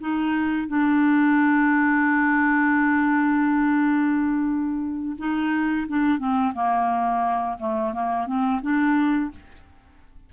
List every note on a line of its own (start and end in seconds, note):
0.00 0.68 D#4
0.68 5.16 D4
5.18 5.87 D#4
5.88 6.18 D4
6.18 6.53 C4
6.54 7.57 A#3
7.59 7.93 A3
7.93 8.26 A#3
8.26 8.61 C4
8.62 9.31 D4